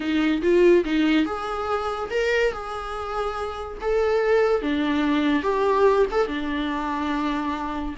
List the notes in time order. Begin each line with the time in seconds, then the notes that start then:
0.00 D#4
0.42 F4
0.84 D#4
1.25 G#4
2.10 A#4
2.52 G#4
3.81 A4
4.62 D4
5.42 G4
6.11 A4
6.27 D4